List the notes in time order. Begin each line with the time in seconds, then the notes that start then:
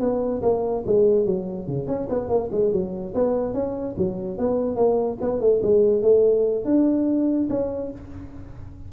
0.00 B3
0.42 A#3
0.86 G#3
1.25 F#3
1.67 C#3
1.87 C#4
2.09 B3
2.29 A#3
2.51 G#3
2.72 F#3
3.14 B3
3.54 C#4
3.98 F#3
4.38 B3
4.76 A#3
5.21 B3
5.40 A3
5.62 G#3
6.02 A3
6.65 D4
7.50 C#4